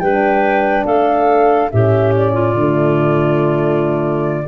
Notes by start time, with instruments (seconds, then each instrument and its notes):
0.00 tuba G3, horn D4, clarinet B4, flute G5
0.86 tuba A3, clarinet A4, flute F5
1.71 tuba A2, horn C#4, clarinet G4, flute E5
2.17 flute D5
2.33 clarinet F4
2.55 tuba D3, horn A3